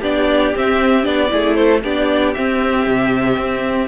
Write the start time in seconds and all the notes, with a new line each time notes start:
0.00 B3 D4 G4 D5
0.55 C4 E5
1.03 B3 D4 D5
1.30 A3 E4 G#4
1.55 A4 C5
1.84 B3 D4 G4 D5
2.34 C4 E5
2.87 C3
3.37 C4